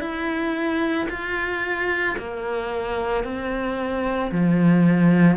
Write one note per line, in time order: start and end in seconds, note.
0.00 1.07 E4
1.09 2.16 F4
2.18 3.23 A#3
3.23 4.31 C4
4.31 5.37 F3